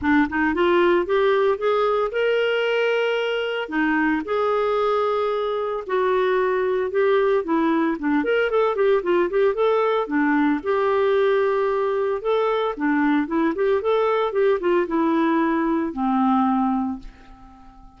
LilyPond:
\new Staff \with { instrumentName = "clarinet" } { \time 4/4 \tempo 4 = 113 d'8 dis'8 f'4 g'4 gis'4 | ais'2. dis'4 | gis'2. fis'4~ | fis'4 g'4 e'4 d'8 ais'8 |
a'8 g'8 f'8 g'8 a'4 d'4 | g'2. a'4 | d'4 e'8 g'8 a'4 g'8 f'8 | e'2 c'2 | }